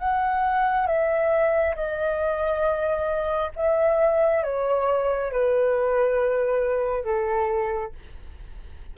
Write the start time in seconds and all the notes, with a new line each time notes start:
0.00 F#5
0.87 E5
1.76 D#5
3.56 E5
4.44 C#5
5.32 B4
7.05 A4